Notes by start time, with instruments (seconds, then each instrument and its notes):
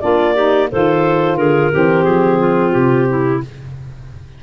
0.00 tuba A#3, saxophone D4, clarinet F4 D5
0.34 saxophone D#4, clarinet G4
0.71 tuba D#3, saxophone F4, clarinet A4 C5
1.36 tuba D3, clarinet G#4 A#4
1.71 tuba E3, saxophone C4, clarinet G4
2.03 tuba F3, clarinet G#4
2.39 clarinet F4
2.72 tuba C3, clarinet G4
3.09 clarinet E4